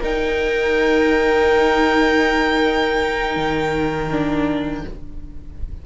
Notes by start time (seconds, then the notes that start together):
0.00 D#4 A#4 G5
3.36 D#3
4.10 D4